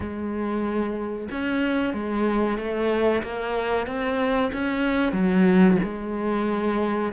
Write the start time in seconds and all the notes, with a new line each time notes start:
0.00 G#3
1.31 C#4
1.93 G#3
2.58 A3
3.22 A#3
3.86 C4
4.52 C#4
5.12 F#3
5.83 G#3